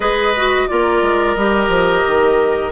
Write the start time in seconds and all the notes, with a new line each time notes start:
0.00 G#3 G#4 B4 D#5
0.36 F#4
0.67 A#3 F4 A#4 D5
1.02 G#3
1.35 G3 G4 D#5
1.68 F3
2.07 D#3